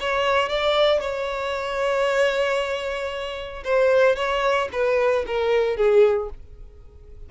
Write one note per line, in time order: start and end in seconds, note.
0.00 0.49 C#5
0.49 1.00 D5
1.00 3.63 C#5
3.64 4.16 C5
4.16 4.68 C#5
4.72 5.24 B4
5.26 5.76 A#4
5.76 6.29 G#4